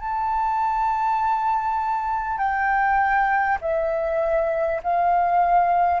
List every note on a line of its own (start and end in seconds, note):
0.00 2.38 A5
2.38 3.58 G5
3.61 4.81 E5
4.83 6.00 F5